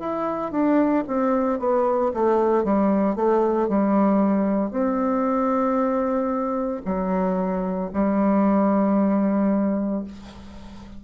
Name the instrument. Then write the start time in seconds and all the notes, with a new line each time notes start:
bassoon
0.00 E4
0.52 D4
1.08 C4
1.59 B3
2.14 A3
2.64 G3
3.16 A3
3.68 G3
4.71 C4
6.85 F#3
7.93 G3